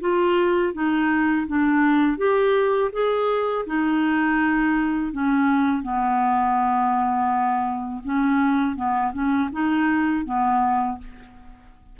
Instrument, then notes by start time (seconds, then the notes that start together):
clarinet
0.00 F4
0.74 D#4
1.47 D4
2.17 G4
2.92 G#4
3.66 D#4
5.12 C#4
5.83 B3
8.04 C#4
8.76 B3
9.13 C#4
9.52 D#4
10.25 B3